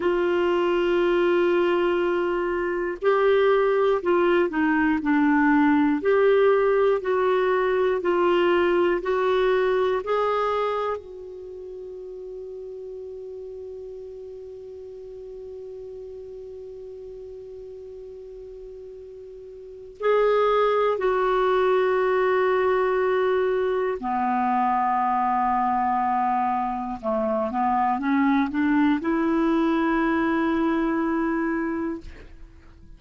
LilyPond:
\new Staff \with { instrumentName = "clarinet" } { \time 4/4 \tempo 4 = 60 f'2. g'4 | f'8 dis'8 d'4 g'4 fis'4 | f'4 fis'4 gis'4 fis'4~ | fis'1~ |
fis'1 | gis'4 fis'2. | b2. a8 b8 | cis'8 d'8 e'2. | }